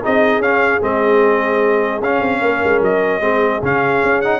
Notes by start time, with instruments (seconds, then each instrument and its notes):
0.00 tuba C4, trombone D#4, horn G#4, trumpet D#5
0.38 tuba C#4, trombone C#4, trumpet F5
0.81 tuba G#3, trombone C4, trumpet D#5
2.01 tuba C#4, trombone C#4, trumpet F5
2.21 tuba C4
2.41 tuba A#3, horn A#4
2.64 tuba G#3
2.81 tuba F#3, trumpet D#5
3.20 tuba G#3, trombone C4, horn G#4
3.62 tuba C#3, trombone C#4, trumpet F5
4.03 tuba C#4
4.21 trombone D#4, trumpet F#5